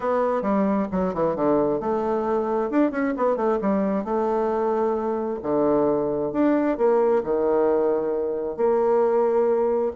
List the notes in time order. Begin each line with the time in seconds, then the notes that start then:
0.00 B3
0.42 G3
0.91 F#3
1.13 E3
1.35 D3
1.80 A3
2.70 D4
2.91 C#4
3.17 B3
3.36 A3
3.61 G3
4.04 A3
5.42 D3
6.32 D4
6.77 A#3
7.23 D#3
8.56 A#3